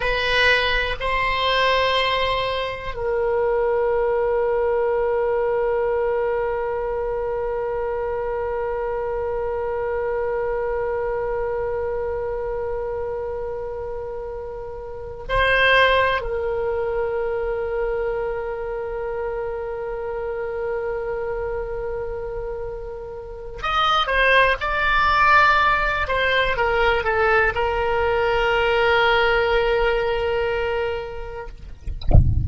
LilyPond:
\new Staff \with { instrumentName = "oboe" } { \time 4/4 \tempo 4 = 61 b'4 c''2 ais'4~ | ais'1~ | ais'1~ | ais'2.~ ais'8 c''8~ |
c''8 ais'2.~ ais'8~ | ais'1 | dis''8 c''8 d''4. c''8 ais'8 a'8 | ais'1 | }